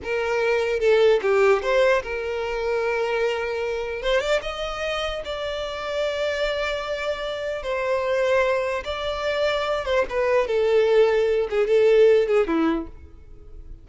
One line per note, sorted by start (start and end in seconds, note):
0.03 0.79 A#4
0.79 1.20 A4
1.22 1.62 G4
1.62 2.02 C5
2.02 4.02 A#4
4.02 4.20 C5
4.20 4.40 D5
4.41 5.22 D#5
5.24 7.62 D5
7.62 8.83 C5
8.84 9.85 D5
9.85 10.05 C5
10.09 10.47 B4
10.47 11.48 A4
11.49 11.67 G#4
11.67 12.27 A4
12.27 12.47 G#4
12.47 12.87 E4